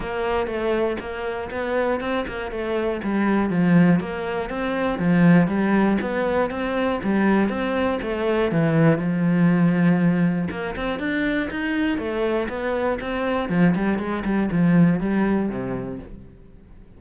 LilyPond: \new Staff \with { instrumentName = "cello" } { \time 4/4 \tempo 4 = 120 ais4 a4 ais4 b4 | c'8 ais8 a4 g4 f4 | ais4 c'4 f4 g4 | b4 c'4 g4 c'4 |
a4 e4 f2~ | f4 ais8 c'8 d'4 dis'4 | a4 b4 c'4 f8 g8 | gis8 g8 f4 g4 c4 | }